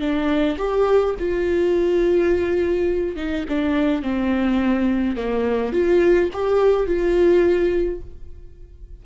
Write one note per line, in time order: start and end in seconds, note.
0.00 0.57 D4
0.58 1.15 G4
1.19 3.16 F4
3.16 3.45 D#4
3.49 4.02 D4
4.02 5.16 C4
5.16 5.73 A#3
5.73 6.30 F4
6.33 6.87 G4
6.87 8.01 F4